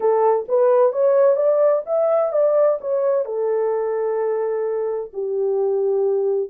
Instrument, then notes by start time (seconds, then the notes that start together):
horn
0.00 A4
0.48 B4
0.92 C#5
1.36 D5
1.86 E5
2.32 D5
2.80 C#5
3.25 A4
5.13 G4